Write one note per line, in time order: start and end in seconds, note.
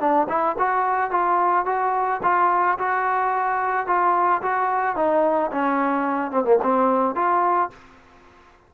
0.00 0.28 D4
0.29 0.57 E4
0.59 1.11 F#4
1.11 1.66 F4
1.66 2.21 F#4
2.23 2.78 F4
2.79 3.87 F#4
3.87 4.42 F4
4.42 4.96 F#4
4.96 5.51 D#4
5.52 6.32 C#4
6.32 6.45 C4
6.45 6.59 A#3
6.63 7.15 C4
7.15 7.70 F4